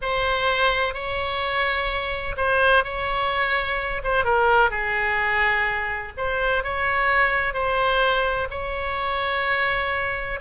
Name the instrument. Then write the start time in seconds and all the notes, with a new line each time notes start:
oboe
0.01 C5
0.93 C#5
2.36 C5
2.84 C#5
4.03 C5
4.24 A#4
4.70 G#4
6.17 C5
6.63 C#5
7.53 C5
8.50 C#5